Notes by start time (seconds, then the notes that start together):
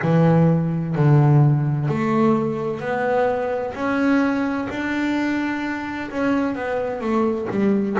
0.02 E3
0.95 D3
1.88 A3
2.80 B3
3.74 C#4
4.69 D4
6.10 C#4
6.55 B3
7.01 A3
7.50 G3